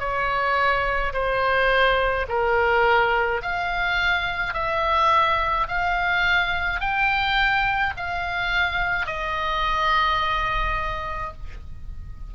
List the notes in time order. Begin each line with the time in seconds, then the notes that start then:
0.00 C#5
1.13 C5
2.28 A#4
3.42 F5
4.54 E5
5.68 F5
6.80 G5
7.97 F5
9.07 D#5